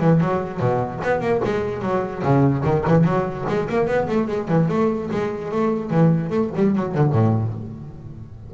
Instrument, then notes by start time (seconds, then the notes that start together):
double bass
0.00 E3
0.20 F#3
0.60 B2
1.04 B3
1.21 A#3
1.45 G#3
1.82 F#3
2.23 C#3
2.64 D#3
2.87 E3
3.04 F#3
3.48 G#3
3.69 A#3
3.87 B3
4.08 A3
4.27 G#3
4.48 E3
4.68 A3
5.11 G#3
5.51 A3
5.90 E3
6.30 A3
6.56 G3
6.75 F#3
6.94 D3
7.12 A2